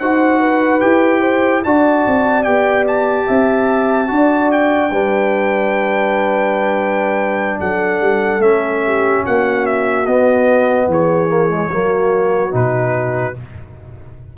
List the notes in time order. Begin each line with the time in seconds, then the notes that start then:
0.00 D#4 F#4 C5 F#5
0.40 B4
0.80 E4 G4 G5
1.21 C5
1.64 D4 F#4 D5 A5
2.07 C4
2.44 B3 G4 G5
2.88 A5
3.28 C4 E5
4.08 D4 F#4 D5
4.52 G5
4.91 G3 D4 B4
7.60 F#3 A4 F#5
8.01 G3
8.39 A3 C#4 E5
8.86 G4
9.24 A#3 F#4 F#5
9.66 E5
10.07 B3 D#5
10.88 E3 G#4 C#5
11.29 A#3
11.50 G#3
11.71 F#3 A#3 F#4
12.52 B2 D#4 B4